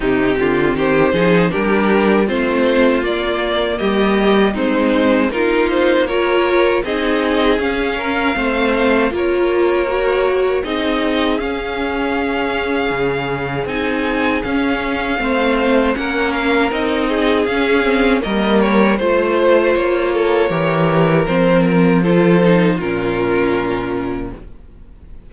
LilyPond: <<
  \new Staff \with { instrumentName = "violin" } { \time 4/4 \tempo 4 = 79 g'4 c''4 ais'4 c''4 | d''4 dis''4 c''4 ais'8 c''8 | cis''4 dis''4 f''2 | cis''2 dis''4 f''4~ |
f''2 gis''4 f''4~ | f''4 fis''8 f''8 dis''4 f''4 | dis''8 cis''8 c''4 cis''2 | c''8 ais'8 c''4 ais'2 | }
  \new Staff \with { instrumentName = "violin" } { \time 4/4 dis'8 f'8 g'8 gis'8 g'4 f'4~ | f'4 g'4 dis'4 f'4 | ais'4 gis'4. ais'8 c''4 | ais'2 gis'2~ |
gis'1 | c''4 ais'4. gis'4. | ais'4 c''4. a'8 ais'4~ | ais'4 a'4 f'2 | }
  \new Staff \with { instrumentName = "viola" } { \time 4/4 c'4. dis'8 d'4 c'4 | ais2 c'4 dis'4 | f'4 dis'4 cis'4 c'4 | f'4 fis'4 dis'4 cis'4~ |
cis'2 dis'4 cis'4 | c'4 cis'4 dis'4 cis'8 c'8 | ais4 f'2 g'4 | c'4 f'8 dis'8 cis'2 | }
  \new Staff \with { instrumentName = "cello" } { \time 4/4 c8 d8 dis8 f8 g4 a4 | ais4 g4 gis4 ais4~ | ais4 c'4 cis'4 a4 | ais2 c'4 cis'4~ |
cis'4 cis4 c'4 cis'4 | a4 ais4 c'4 cis'4 | g4 a4 ais4 e4 | f2 ais,2 | }
>>